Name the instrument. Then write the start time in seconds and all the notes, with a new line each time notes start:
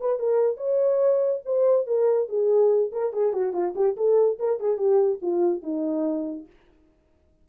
horn
0.00 B4
0.19 A#4
0.57 C#5
1.45 C5
1.87 A#4
2.28 G#4
2.92 A#4
3.13 G#4
3.33 F#4
3.53 F4
3.75 G4
3.96 A4
4.39 A#4
4.60 G#4
4.77 G4
5.21 F4
5.62 D#4